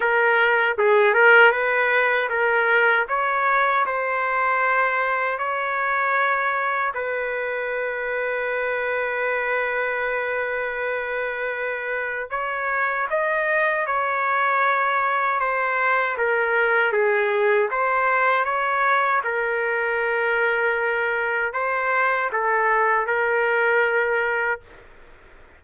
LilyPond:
\new Staff \with { instrumentName = "trumpet" } { \time 4/4 \tempo 4 = 78 ais'4 gis'8 ais'8 b'4 ais'4 | cis''4 c''2 cis''4~ | cis''4 b'2.~ | b'1 |
cis''4 dis''4 cis''2 | c''4 ais'4 gis'4 c''4 | cis''4 ais'2. | c''4 a'4 ais'2 | }